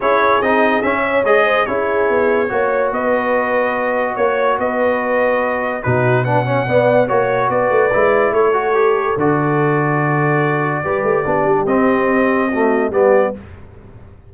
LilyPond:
<<
  \new Staff \with { instrumentName = "trumpet" } { \time 4/4 \tempo 4 = 144 cis''4 dis''4 e''4 dis''4 | cis''2. dis''4~ | dis''2 cis''4 dis''4~ | dis''2 b'4 fis''4~ |
fis''4 cis''4 d''2 | cis''2 d''2~ | d''1 | dis''2. d''4 | }
  \new Staff \with { instrumentName = "horn" } { \time 4/4 gis'2~ gis'8 cis''4 c''8 | gis'2 cis''4 b'4~ | b'2 cis''4 b'4~ | b'2 fis'4 b'8 cis''8 |
d''4 cis''4 b'2 | a'1~ | a'2 b'4 g'4~ | g'2 fis'4 g'4 | }
  \new Staff \with { instrumentName = "trombone" } { \time 4/4 e'4 dis'4 cis'4 gis'4 | e'2 fis'2~ | fis'1~ | fis'2 dis'4 d'8 cis'8 |
b4 fis'2 e'4~ | e'8 fis'8 g'4 fis'2~ | fis'2 g'4 d'4 | c'2 a4 b4 | }
  \new Staff \with { instrumentName = "tuba" } { \time 4/4 cis'4 c'4 cis'4 gis4 | cis'4 b4 ais4 b4~ | b2 ais4 b4~ | b2 b,2 |
b4 ais4 b8 a8 gis4 | a2 d2~ | d2 g8 a8 b8 g8 | c'2. g4 | }
>>